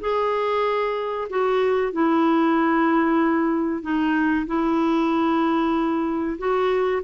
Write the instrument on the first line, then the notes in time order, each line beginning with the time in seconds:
clarinet
0.00 G#4
1.29 F#4
1.92 E4
3.82 D#4
4.47 E4
6.38 F#4